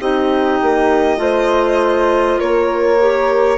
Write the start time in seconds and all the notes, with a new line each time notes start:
0.00 C4 D#4 G4 D#5
0.62 A#3
1.17 A3 F4 C5
2.39 A#3 A#4 C#5
3.00 G4